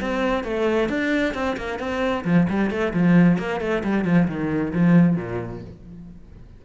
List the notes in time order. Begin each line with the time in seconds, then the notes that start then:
0.00 C4
0.43 A3
0.89 D4
1.34 C4
1.57 A#3
1.79 C4
2.24 F3
2.49 G3
2.70 A3
2.93 F3
3.38 A#3
3.60 A3
3.83 G3
4.04 F3
4.27 D#3
4.73 F3
5.16 A#2